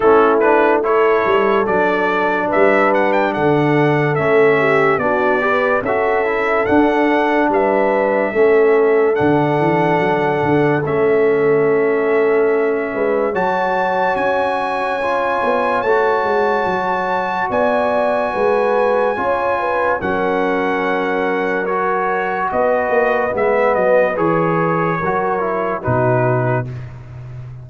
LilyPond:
<<
  \new Staff \with { instrumentName = "trumpet" } { \time 4/4 \tempo 4 = 72 a'8 b'8 cis''4 d''4 e''8 fis''16 g''16 | fis''4 e''4 d''4 e''4 | fis''4 e''2 fis''4~ | fis''4 e''2. |
a''4 gis''2 a''4~ | a''4 gis''2. | fis''2 cis''4 dis''4 | e''8 dis''8 cis''2 b'4 | }
  \new Staff \with { instrumentName = "horn" } { \time 4/4 e'4 a'2 b'4 | a'4. g'8 fis'8 b'8 a'4~ | a'4 b'4 a'2~ | a'2.~ a'8 b'8 |
cis''1~ | cis''4 d''4 b'4 cis''8 b'8 | ais'2. b'4~ | b'2 ais'4 fis'4 | }
  \new Staff \with { instrumentName = "trombone" } { \time 4/4 cis'8 d'8 e'4 d'2~ | d'4 cis'4 d'8 g'8 fis'8 e'8 | d'2 cis'4 d'4~ | d'4 cis'2. |
fis'2 f'4 fis'4~ | fis'2. f'4 | cis'2 fis'2 | b4 gis'4 fis'8 e'8 dis'4 | }
  \new Staff \with { instrumentName = "tuba" } { \time 4/4 a4. g8 fis4 g4 | d4 a4 b4 cis'4 | d'4 g4 a4 d8 e8 | fis8 d8 a2~ a8 gis8 |
fis4 cis'4. b8 a8 gis8 | fis4 b4 gis4 cis'4 | fis2. b8 ais8 | gis8 fis8 e4 fis4 b,4 | }
>>